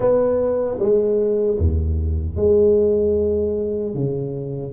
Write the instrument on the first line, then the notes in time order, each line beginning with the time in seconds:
tuba
0.00 B3
0.79 G#3
1.58 D#2
2.36 G#3
3.94 C#3